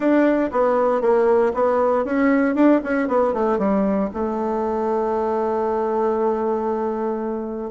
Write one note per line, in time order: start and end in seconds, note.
0.00 0.50 D4
0.51 1.01 B3
1.01 1.52 A#3
1.54 2.05 B3
2.05 2.55 C#4
2.55 2.80 D4
2.83 3.07 C#4
3.07 3.33 B3
3.33 3.58 A3
3.58 4.09 G3
4.13 7.70 A3